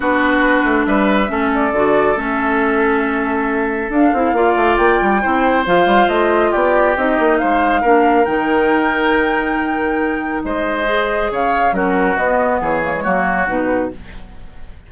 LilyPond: <<
  \new Staff \with { instrumentName = "flute" } { \time 4/4 \tempo 4 = 138 b'2 e''4. d''8~ | d''4 e''2.~ | e''4 f''2 g''4~ | g''4 f''4 dis''4 d''4 |
dis''4 f''2 g''4~ | g''1 | dis''2 f''4 ais'4 | dis''4 cis''2 b'4 | }
  \new Staff \with { instrumentName = "oboe" } { \time 4/4 fis'2 b'4 a'4~ | a'1~ | a'2 d''2 | c''2. g'4~ |
g'4 c''4 ais'2~ | ais'1 | c''2 cis''4 fis'4~ | fis'4 gis'4 fis'2 | }
  \new Staff \with { instrumentName = "clarinet" } { \time 4/4 d'2. cis'4 | fis'4 cis'2.~ | cis'4 d'8 e'8 f'2 | e'4 f'2. |
dis'2 d'4 dis'4~ | dis'1~ | dis'4 gis'2 cis'4 | b4. ais16 gis16 ais4 dis'4 | }
  \new Staff \with { instrumentName = "bassoon" } { \time 4/4 b4. a8 g4 a4 | d4 a2.~ | a4 d'8 c'8 ais8 a8 ais8 g8 | c'4 f8 g8 a4 b4 |
c'8 ais8 gis4 ais4 dis4~ | dis1 | gis2 cis4 fis4 | b4 e4 fis4 b,4 | }
>>